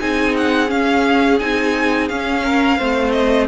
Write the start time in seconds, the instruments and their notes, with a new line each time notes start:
0.00 cello C4, viola D#4, violin G#4 G#5
0.37 violin F#5
0.68 viola C#4, cello C#4, violin F5
1.39 cello C4, viola D#4, violin G#5
2.08 viola C#4, cello C#4, violin F5
2.44 violin A#4
2.78 cello A3, viola C4, violin C5
3.12 violin D#5